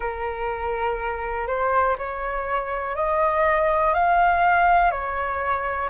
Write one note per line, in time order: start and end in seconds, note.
0.00 1.47 A#4
1.47 1.96 C5
1.98 2.95 C#5
2.95 3.93 D#5
3.93 4.91 F5
4.91 5.89 C#5